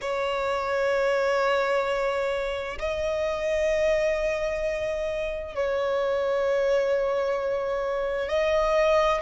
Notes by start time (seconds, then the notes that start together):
0.01 C#5
2.79 D#5
5.55 C#5
8.28 D#5